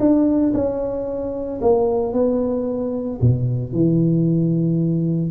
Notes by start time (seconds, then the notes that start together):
0.00 D4
0.54 C#4
1.62 A#3
2.13 B3
3.21 B2
3.73 E3